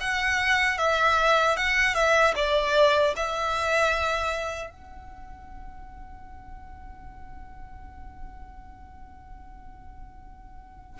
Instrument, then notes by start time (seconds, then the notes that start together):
violin
0.00 F#5
0.78 E5
1.56 F#5
1.94 E5
2.35 D5
3.16 E5
4.70 F#5